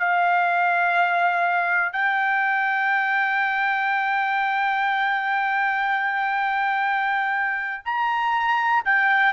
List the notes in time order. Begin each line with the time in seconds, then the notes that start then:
0.00 F5
1.93 G5
7.86 A#5
8.86 G5